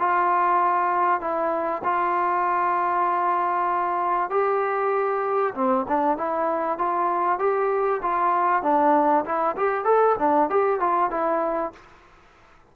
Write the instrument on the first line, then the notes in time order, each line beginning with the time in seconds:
trombone
0.00 F4
1.21 E4
1.84 F4
4.31 G4
5.55 C4
5.89 D4
6.18 E4
6.79 F4
7.40 G4
8.03 F4
8.63 D4
9.26 E4
9.57 G4
9.85 A4
10.19 D4
10.50 G4
10.80 F4
11.11 E4